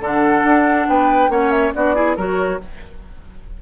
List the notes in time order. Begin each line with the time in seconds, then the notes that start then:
0.00 D3 D4 A4
0.06 F#5
0.44 D4
0.88 B3 B4 G5
1.29 A#3 C#4 C#5 F#5
1.51 E5
1.74 B3 D4 F#4 D5
1.95 E4 G#4
2.17 F#3 F#4 A#4 C#5